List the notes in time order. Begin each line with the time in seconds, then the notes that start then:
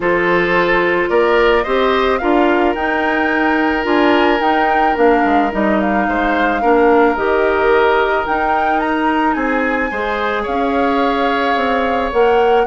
0.00 F3 F4 A4 C5
1.09 A#3 A#4 D5
1.63 C4 G4 C5 D#5
2.18 D4 F4 A#4 F5
2.74 D#4 G5
3.83 D4 F4 G#5
4.40 D#4 G5
4.94 A#3 D4 F5
5.24 G#3
5.51 G3 D#4 D#5
5.80 F5
6.07 G#3 C5
6.61 A#3 D4 A#4
7.15 D#3 G4 D#5
8.25 D#4 G5
8.80 A#5
9.33 C4 G#4 G#5
9.90 G#3 G#4 C5
10.42 C#4 C#5 F5
11.56 C4
12.12 A#3 A#4 F#5